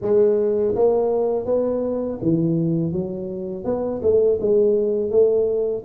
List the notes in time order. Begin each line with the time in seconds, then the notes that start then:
0.01 G#3
0.75 A#3
1.45 B3
2.22 E3
2.92 F#3
3.64 B3
4.02 A3
4.41 G#3
5.10 A3